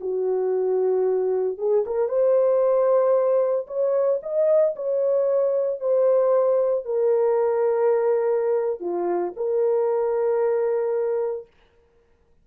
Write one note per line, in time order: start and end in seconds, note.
0.00 1.58 F#4
1.58 1.84 G#4
1.86 2.08 A#4
2.08 3.66 C5
3.67 4.19 C#5
4.22 4.75 D#5
4.76 5.80 C#5
5.80 6.84 C5
6.84 8.80 A#4
8.80 9.33 F4
9.36 11.46 A#4